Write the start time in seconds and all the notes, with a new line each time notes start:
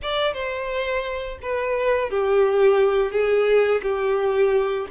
0.02 D5
0.33 C5
1.41 B4
2.10 G4
3.11 G#4
3.82 G4